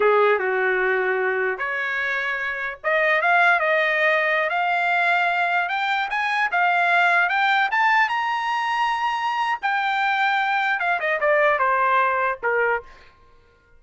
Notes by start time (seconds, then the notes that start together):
0.00 G#4
0.38 F#4
1.58 C#5
2.83 D#5
3.21 F5
3.59 D#5
4.49 F5
5.69 G5
6.10 G#5
6.51 F5
7.29 G5
7.71 A5
8.08 A#5
9.61 G5
10.79 F5
10.99 D#5
11.20 D5
11.58 C5
12.43 A#4